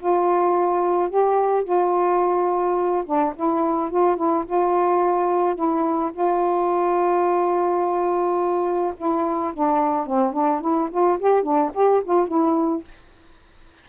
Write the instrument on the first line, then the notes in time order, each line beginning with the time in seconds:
saxophone
0.00 F4
1.10 G4
1.64 F4
3.06 D4
3.36 E4
3.91 F4
4.17 E4
4.46 F4
5.55 E4
6.13 F4
8.97 E4
9.54 D4
10.07 C4
10.33 D4
10.61 E4
10.91 F4
11.20 G4
11.43 D4
11.75 G4
12.04 F4
12.28 E4